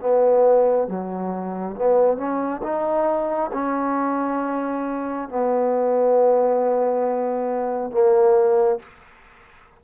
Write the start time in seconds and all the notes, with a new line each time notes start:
0.00 B3
0.88 F#3
1.76 B3
2.17 C#4
2.63 D#4
3.53 C#4
5.29 B3
7.92 A#3